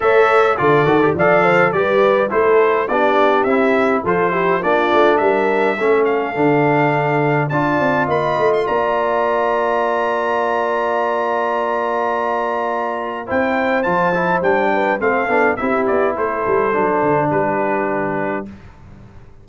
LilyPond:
<<
  \new Staff \with { instrumentName = "trumpet" } { \time 4/4 \tempo 4 = 104 e''4 d''4 f''4 d''4 | c''4 d''4 e''4 c''4 | d''4 e''4. f''4.~ | f''4 a''4 b''8. c'''16 ais''4~ |
ais''1~ | ais''2. g''4 | a''4 g''4 f''4 e''8 d''8 | c''2 b'2 | }
  \new Staff \with { instrumentName = "horn" } { \time 4/4 cis''4 a'4 d''8 c''8 b'4 | a'4 g'2 a'8 g'8 | f'4 ais'4 a'2~ | a'4 d''4 dis''4 d''4~ |
d''1~ | d''2. c''4~ | c''4. b'8 a'4 g'4 | a'2 g'2 | }
  \new Staff \with { instrumentName = "trombone" } { \time 4/4 a'4 f'8 fis'16 g'16 a'4 g'4 | e'4 d'4 e'4 f'8 e'8 | d'2 cis'4 d'4~ | d'4 f'2.~ |
f'1~ | f'2. e'4 | f'8 e'8 d'4 c'8 d'8 e'4~ | e'4 d'2. | }
  \new Staff \with { instrumentName = "tuba" } { \time 4/4 a4 d8 dis8 f4 g4 | a4 b4 c'4 f4 | ais8 a8 g4 a4 d4~ | d4 d'8 c'8 ais8 a8 ais4~ |
ais1~ | ais2. c'4 | f4 g4 a8 b8 c'8 b8 | a8 g8 fis8 d8 g2 | }
>>